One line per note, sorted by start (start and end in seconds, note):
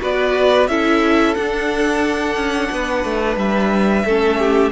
0.00 0.68 B3
0.00 0.67 F#4
0.00 0.69 B4
0.00 0.68 D5
0.68 1.35 C#4
0.68 1.36 E4
0.68 2.72 A4
0.68 1.35 E5
1.35 4.05 D4
1.35 2.35 D4
1.35 3.37 F#5
2.35 2.69 C#4
2.72 3.04 B3
2.72 4.05 B4
3.04 3.36 A3
3.36 4.04 G3
3.36 4.71 E5
4.05 4.71 A3
4.05 4.71 C#4
4.05 4.39 A4
4.39 4.71 G4